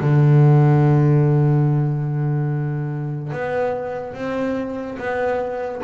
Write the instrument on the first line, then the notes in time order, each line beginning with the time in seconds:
double bass
0.00 D3
3.32 B3
4.14 C4
4.98 B3